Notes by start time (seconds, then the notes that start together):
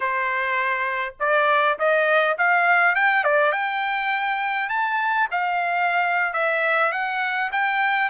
0.00 C5
1.19 D5
1.78 D#5
2.38 F5
2.95 G5
3.24 D5
3.52 G5
4.69 A5
5.31 F5
6.33 E5
6.92 F#5
7.52 G5